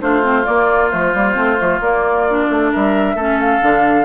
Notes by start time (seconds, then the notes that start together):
0.00 A3 D4 F4 C5
0.23 C4
0.42 A#3 D5
0.90 F3 A3 C5
1.14 G3 A#3
1.34 A3 C4
1.57 F3 A3
1.80 A#3 D5
2.30 D4
2.49 A3
2.71 G3 A#4 E5
3.14 A3 C#4 A4
3.40 F5
3.61 D3 D4